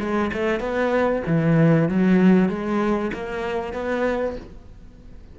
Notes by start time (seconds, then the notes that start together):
0.00 G#3
0.34 A3
0.61 B3
1.27 E3
1.89 F#3
2.49 G#3
3.14 A#3
3.74 B3